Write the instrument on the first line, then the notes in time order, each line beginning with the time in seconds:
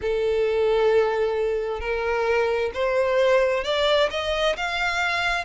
violin
0.01 A4
1.80 A#4
2.74 C5
3.64 D5
4.10 D#5
4.56 F5